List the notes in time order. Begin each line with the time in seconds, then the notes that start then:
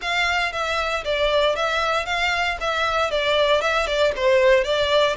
0.01 F5
0.52 E5
1.04 D5
1.55 E5
2.05 F5
2.60 E5
3.10 D5
3.61 E5
3.86 D5
4.15 C5
4.64 D5